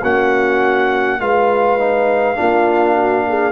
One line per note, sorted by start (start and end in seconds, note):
0.00 1.20 A#3
0.00 1.20 C#4
0.00 1.18 F#4
0.00 1.20 F#5
1.20 2.38 G#3
1.20 1.79 F4
1.20 2.37 B4
1.20 3.52 F5
1.79 2.35 D#4
2.35 3.52 A#3
2.35 3.52 D4
2.35 2.95 F4
2.95 3.25 F#4
3.29 3.52 G#4